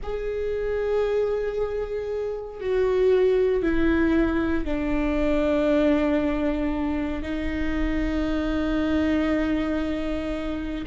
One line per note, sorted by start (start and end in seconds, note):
0.03 2.60 G#4
2.60 3.62 F#4
3.62 4.64 E4
4.64 7.22 D4
7.22 10.84 D#4